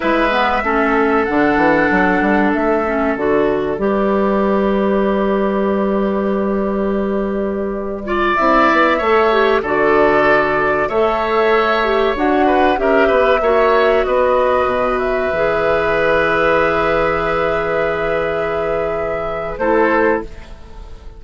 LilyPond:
<<
  \new Staff \with { instrumentName = "flute" } { \time 4/4 \tempo 4 = 95 e''2 fis''2 | e''4 d''2.~ | d''1~ | d''4~ d''16 e''2 d''8.~ |
d''4~ d''16 e''2 fis''8.~ | fis''16 e''2 dis''4. e''16~ | e''1~ | e''2. c''4 | }
  \new Staff \with { instrumentName = "oboe" } { \time 4/4 b'4 a'2.~ | a'2 b'2~ | b'1~ | b'8. d''4. cis''4 a'8.~ |
a'4~ a'16 cis''2~ cis''8 b'16~ | b'16 ais'8 b'8 cis''4 b'4.~ b'16~ | b'1~ | b'2. a'4 | }
  \new Staff \with { instrumentName = "clarinet" } { \time 4/4 e'8 b8 cis'4 d'2~ | d'8 cis'8 fis'4 g'2~ | g'1~ | g'8. f'8 e'4 a'8 g'8 fis'8.~ |
fis'4~ fis'16 a'4. g'8 fis'8.~ | fis'16 g'4 fis'2~ fis'8.~ | fis'16 gis'2.~ gis'8.~ | gis'2. e'4 | }
  \new Staff \with { instrumentName = "bassoon" } { \time 4/4 gis4 a4 d8 e8 fis8 g8 | a4 d4 g2~ | g1~ | g4~ g16 c'8 b8 a4 d8.~ |
d4~ d16 a2 d'8.~ | d'16 cis'8 b8 ais4 b4 b,8.~ | b,16 e2.~ e8.~ | e2. a4 | }
>>